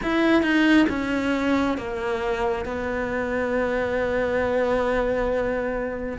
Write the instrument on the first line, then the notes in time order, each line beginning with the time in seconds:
cello
0.02 E4
0.42 D#4
0.89 C#4
1.77 A#3
2.65 B3